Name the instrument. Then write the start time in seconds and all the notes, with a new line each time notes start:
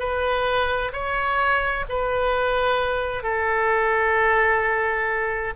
oboe
0.00 B4
0.93 C#5
1.90 B4
3.23 A4